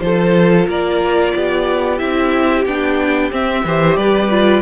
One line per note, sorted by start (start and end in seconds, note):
0.00 0.66 F3
0.00 1.98 F4
0.00 0.68 A4
0.00 0.66 C5
0.67 1.33 A#3
0.67 1.34 A#4
0.67 1.98 D5
1.34 2.00 B3
1.34 3.65 G4
1.98 2.65 C4
1.98 2.64 E4
1.98 2.64 E5
2.65 3.31 B3
2.65 3.31 D4
2.65 3.31 G5
3.31 3.64 C4
3.31 3.97 E5
3.64 3.96 E3
3.64 4.30 G4
3.64 3.98 C5
3.96 4.62 G3
3.96 4.62 B4
3.96 4.62 D5
4.30 4.62 F4